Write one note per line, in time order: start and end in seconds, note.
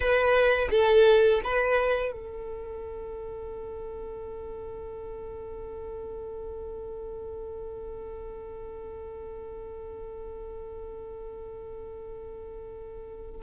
0.00 0.68 B4
0.70 1.41 A4
1.43 2.12 B4
2.12 13.41 A4